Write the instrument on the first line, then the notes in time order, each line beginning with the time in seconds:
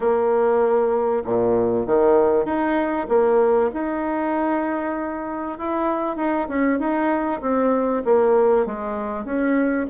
bassoon
0.00 A#3
1.24 A#2
1.86 D#3
2.45 D#4
3.08 A#3
3.73 D#4
5.58 E4
6.16 D#4
6.48 C#4
6.79 D#4
7.41 C4
8.04 A#3
8.66 G#3
9.24 C#4